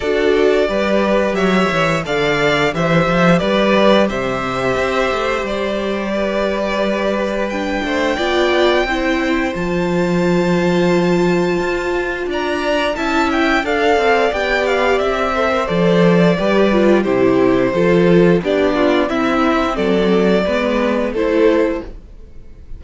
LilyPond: <<
  \new Staff \with { instrumentName = "violin" } { \time 4/4 \tempo 4 = 88 d''2 e''4 f''4 | e''4 d''4 e''2 | d''2. g''4~ | g''2 a''2~ |
a''2 ais''4 a''8 g''8 | f''4 g''8 f''8 e''4 d''4~ | d''4 c''2 d''4 | e''4 d''2 c''4 | }
  \new Staff \with { instrumentName = "violin" } { \time 4/4 a'4 b'4 cis''4 d''4 | c''4 b'4 c''2~ | c''4 b'2~ b'8 c''8 | d''4 c''2.~ |
c''2 d''4 e''4 | d''2~ d''8 c''4. | b'4 g'4 a'4 g'8 f'8 | e'4 a'4 b'4 a'4 | }
  \new Staff \with { instrumentName = "viola" } { \time 4/4 fis'4 g'2 a'4 | g'1~ | g'2. d'4 | f'4 e'4 f'2~ |
f'2. e'4 | a'4 g'4. a'16 ais'16 a'4 | g'8 f'8 e'4 f'4 d'4 | c'2 b4 e'4 | }
  \new Staff \with { instrumentName = "cello" } { \time 4/4 d'4 g4 fis8 e8 d4 | e8 f8 g4 c4 c'8 a8 | g2.~ g8 a8 | b4 c'4 f2~ |
f4 f'4 d'4 cis'4 | d'8 c'8 b4 c'4 f4 | g4 c4 f4 b4 | c'4 fis4 gis4 a4 | }
>>